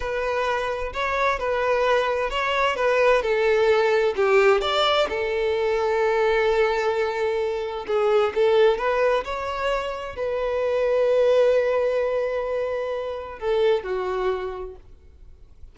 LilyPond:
\new Staff \with { instrumentName = "violin" } { \time 4/4 \tempo 4 = 130 b'2 cis''4 b'4~ | b'4 cis''4 b'4 a'4~ | a'4 g'4 d''4 a'4~ | a'1~ |
a'4 gis'4 a'4 b'4 | cis''2 b'2~ | b'1~ | b'4 a'4 fis'2 | }